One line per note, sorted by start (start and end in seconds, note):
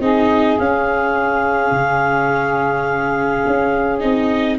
0.00 0.57 C4
0.00 0.59 D#4
0.00 4.57 G#4
0.00 0.58 D#5
0.58 1.71 C#4
0.58 4.00 C#4
0.58 4.00 F5
1.71 3.42 C#3
3.46 4.03 C#4
4.00 4.59 C4
4.00 4.57 D#4
4.00 4.57 D#5